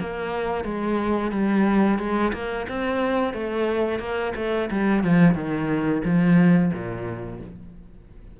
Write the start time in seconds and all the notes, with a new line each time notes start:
0.00 A#3
0.64 G#3
1.31 G3
1.99 G#3
2.33 A#3
2.68 C4
3.33 A3
3.99 A#3
4.36 A3
4.70 G3
5.04 F3
5.34 D#3
6.04 F3
6.73 A#2